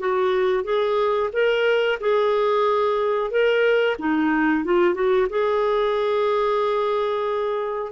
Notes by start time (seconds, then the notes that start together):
0.00 F#4
0.64 G#4
1.33 A#4
2.00 G#4
3.31 A#4
3.99 D#4
4.65 F4
4.95 F#4
5.30 G#4